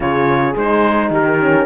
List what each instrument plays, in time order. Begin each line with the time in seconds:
0.00 cello C#3, horn F4 G#4, trumpet C#5
0.56 cello G#3, horn D#4, trumpet C5
1.09 cello D#3, horn G4, trumpet A#4
1.39 horn C#4